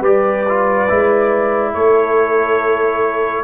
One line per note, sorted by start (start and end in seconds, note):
0.00 0.87 G3
0.00 0.47 G4
0.00 1.71 B4
0.00 1.74 D5
0.49 0.89 F4
0.89 1.74 G#3
0.89 3.44 E4
1.74 3.44 A3
1.74 3.44 A4
1.74 3.44 C#5